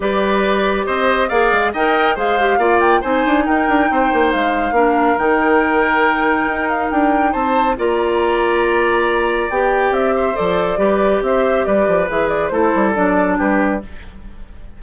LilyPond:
<<
  \new Staff \with { instrumentName = "flute" } { \time 4/4 \tempo 4 = 139 d''2 dis''4 f''4 | g''4 f''4. g''8 gis''4 | g''2 f''2 | g''2.~ g''8 f''8 |
g''4 a''4 ais''2~ | ais''2 g''4 e''4 | d''2 e''4 d''4 | e''8 d''8 c''4 d''4 b'4 | }
  \new Staff \with { instrumentName = "oboe" } { \time 4/4 b'2 c''4 d''4 | dis''4 c''4 d''4 c''4 | ais'4 c''2 ais'4~ | ais'1~ |
ais'4 c''4 d''2~ | d''2.~ d''8 c''8~ | c''4 b'4 c''4 b'4~ | b'4 a'2 g'4 | }
  \new Staff \with { instrumentName = "clarinet" } { \time 4/4 g'2. gis'4 | ais'4 gis'8 g'8 f'4 dis'4~ | dis'2. d'4 | dis'1~ |
dis'2 f'2~ | f'2 g'2 | a'4 g'2. | gis'4 e'4 d'2 | }
  \new Staff \with { instrumentName = "bassoon" } { \time 4/4 g2 c'4 ais8 gis8 | dis'4 gis4 ais4 c'8 d'8 | dis'8 d'8 c'8 ais8 gis4 ais4 | dis2. dis'4 |
d'4 c'4 ais2~ | ais2 b4 c'4 | f4 g4 c'4 g8 f8 | e4 a8 g8 fis4 g4 | }
>>